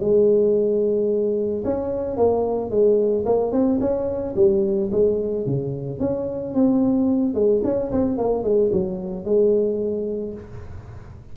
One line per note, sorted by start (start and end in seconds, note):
0.00 1.64 G#3
1.64 2.17 C#4
2.17 2.70 A#3
2.70 3.25 G#3
3.26 3.52 A#3
3.52 3.79 C4
3.80 4.35 C#4
4.36 4.90 G3
4.92 5.46 G#3
5.46 6.00 C#3
6.00 6.54 C#4
6.55 7.34 C4
7.34 7.62 G#3
7.64 7.91 C#4
7.92 8.18 C4
8.18 8.44 A#3
8.44 8.71 G#3
8.72 9.25 F#3
9.25 10.34 G#3